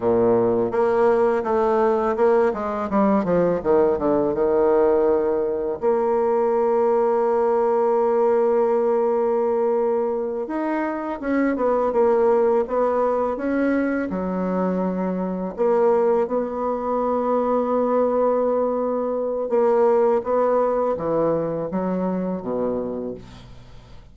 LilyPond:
\new Staff \with { instrumentName = "bassoon" } { \time 4/4 \tempo 4 = 83 ais,4 ais4 a4 ais8 gis8 | g8 f8 dis8 d8 dis2 | ais1~ | ais2~ ais8 dis'4 cis'8 |
b8 ais4 b4 cis'4 fis8~ | fis4. ais4 b4.~ | b2. ais4 | b4 e4 fis4 b,4 | }